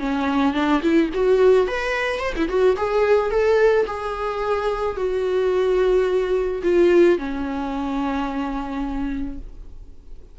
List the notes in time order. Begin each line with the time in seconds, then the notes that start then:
0.00 C#4
0.54 D4
0.83 E4
1.14 F#4
1.68 B4
2.20 C5
2.37 E4
2.49 F#4
2.77 G#4
3.31 A4
3.87 G#4
4.97 F#4
6.64 F4
7.19 C#4